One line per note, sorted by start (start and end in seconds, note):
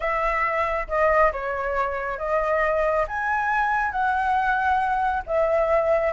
0.00 0.87 E5
0.88 1.31 D#5
1.32 2.18 C#5
2.18 3.06 D#5
3.07 3.91 G#5
3.91 5.22 F#5
5.26 6.13 E5